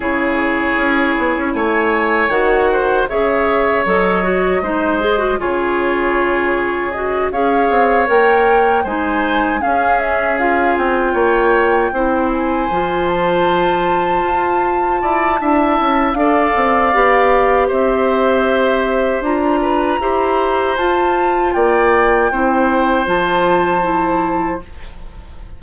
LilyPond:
<<
  \new Staff \with { instrumentName = "flute" } { \time 4/4 \tempo 4 = 78 cis''2 gis''4 fis''4 | e''4 dis''2 cis''4~ | cis''4 dis''8 f''4 g''4 gis''8~ | gis''8 f''8 e''8 f''8 g''2 |
gis''4 a''2.~ | a''4 f''2 e''4~ | e''4 ais''2 a''4 | g''2 a''2 | }
  \new Staff \with { instrumentName = "oboe" } { \time 4/4 gis'2 cis''4. c''8 | cis''2 c''4 gis'4~ | gis'4. cis''2 c''8~ | c''8 gis'2 cis''4 c''8~ |
c''2.~ c''8 d''8 | e''4 d''2 c''4~ | c''4. b'8 c''2 | d''4 c''2. | }
  \new Staff \with { instrumentName = "clarinet" } { \time 4/4 e'2. fis'4 | gis'4 a'8 fis'8 dis'8 gis'16 fis'16 f'4~ | f'4 fis'8 gis'4 ais'4 dis'8~ | dis'8 cis'4 f'2 e'8~ |
e'8 f'2.~ f'8 | e'4 a'4 g'2~ | g'4 f'4 g'4 f'4~ | f'4 e'4 f'4 e'4 | }
  \new Staff \with { instrumentName = "bassoon" } { \time 4/4 cis4 cis'8 b16 cis'16 a4 dis4 | cis4 fis4 gis4 cis4~ | cis4. cis'8 c'8 ais4 gis8~ | gis8 cis'4. c'8 ais4 c'8~ |
c'8 f2 f'4 e'8 | d'8 cis'8 d'8 c'8 b4 c'4~ | c'4 d'4 e'4 f'4 | ais4 c'4 f2 | }
>>